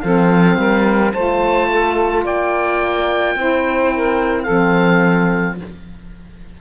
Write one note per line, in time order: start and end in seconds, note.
0.00 0.57 F3
0.00 1.14 C4
0.00 0.58 A4
0.00 1.11 F5
0.57 1.13 G3
0.57 1.12 A#4
1.12 2.24 A3
1.12 3.36 F4
1.12 1.68 C5
1.12 2.24 A5
1.70 2.23 A4
2.23 3.35 A#3
2.23 3.34 D5
2.23 4.43 G5
3.35 4.46 C4
3.35 4.46 E4
3.35 3.94 C5
3.94 4.43 A#4
4.43 5.57 C4
4.43 5.54 A4
4.43 5.54 F5
4.49 5.60 F3